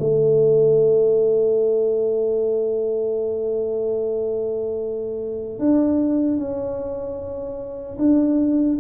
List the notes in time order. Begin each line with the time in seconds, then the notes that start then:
0.00 A3
5.59 D4
6.37 C#4
7.99 D4